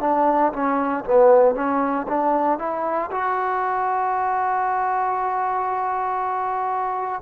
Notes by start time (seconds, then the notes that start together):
0.00 D4
0.52 C#4
1.04 B3
1.54 C#4
2.07 D4
2.58 E4
3.11 F#4